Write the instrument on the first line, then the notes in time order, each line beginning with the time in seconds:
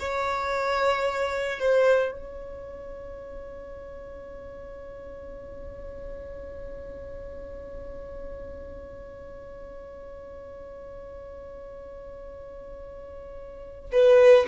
violin
0.00 C#5
1.60 C5
2.12 C#5
13.92 B4